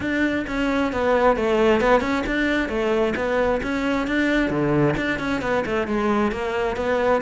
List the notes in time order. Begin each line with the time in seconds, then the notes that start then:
0.00 D4
0.47 C#4
0.92 B3
1.36 A3
1.80 B3
2.01 C#4
2.26 D4
2.68 A3
3.15 B3
3.62 C#4
4.07 D4
4.49 D3
4.96 D4
5.19 C#4
5.41 B3
5.65 A3
5.87 G#3
6.31 A#3
6.76 B3